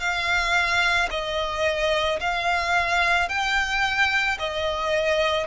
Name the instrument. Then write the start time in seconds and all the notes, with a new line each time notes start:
violin
0.00 F5
1.11 D#5
2.20 F5
3.29 G5
4.39 D#5